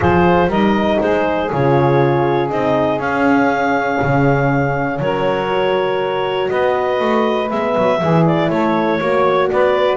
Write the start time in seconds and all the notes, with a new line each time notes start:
0.00 F3 F4 G#4 C5
0.47 G3 D#4 A#4 D#5
1.00 G#3 G#4 C5
1.51 C#3 F4 C#5
2.50 C4 D#4 D#5
2.98 C#4 F5
4.02 C#3
4.99 F#3 A#4 C#5
5.49 F#4
6.49 B3 B4 D#5
7.00 A3
7.49 G#3 B3 E5
7.77 F#3
7.99 E3 E4 G#4
8.25 D5
8.49 A3 A4 C#5
8.98 A#3 F#4 C#5
9.50 B3 B4 D5